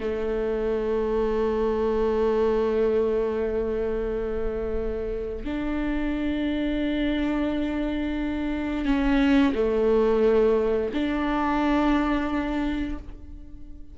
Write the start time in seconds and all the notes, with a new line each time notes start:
0.00 A3
5.45 D4
8.85 C#4
9.55 A3
10.94 D4